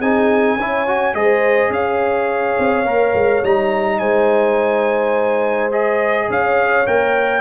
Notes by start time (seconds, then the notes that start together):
0.00 C4 D#4 G#4 G#5
0.58 C#4 E4 C#5
0.88 F#4
1.15 G#3 G#4 C5 D#5
1.70 C#4 C#5 F5
2.59 C4
2.85 A#3 A#4
3.15 G#3
3.44 G3 D#4 A#5
3.99 G#3 C5 G#5
5.72 G#4 D#5
6.30 C#4 C#5 F5
6.87 A#3 A#4 G5